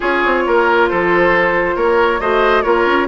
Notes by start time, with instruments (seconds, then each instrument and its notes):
0.00 bassoon C#4, clarinet F4, oboe G#4, flute C#5
0.25 bassoon C4
0.46 bassoon A#3, oboe A#4
0.88 bassoon F3, oboe A4, flute C5
1.75 bassoon A#3, oboe A#4, flute C#5
2.19 bassoon A3, clarinet F#4, oboe C5, flute D#5
2.62 bassoon A#3, clarinet F4, oboe A#4, flute C#5
2.85 bassoon C#4